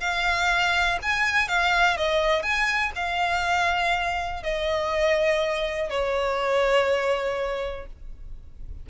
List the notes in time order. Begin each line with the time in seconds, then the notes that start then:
0.00 F5
1.02 G#5
1.48 F5
1.97 D#5
2.42 G#5
2.95 F5
4.43 D#5
5.89 C#5